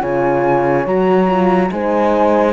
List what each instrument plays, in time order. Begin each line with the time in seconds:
0.00 cello C#3, horn F4 C#5, flute G#5
0.85 cello F#3, horn F#4, flute A#5
1.27 horn F4
1.71 cello G#3, horn D#4 C5, flute G#5